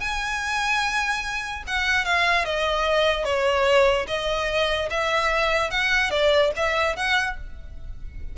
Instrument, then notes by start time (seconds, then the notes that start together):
violin
0.00 G#5
1.67 F#5
2.05 F5
2.45 D#5
3.24 C#5
4.07 D#5
4.90 E5
5.71 F#5
6.11 D5
6.56 E5
6.96 F#5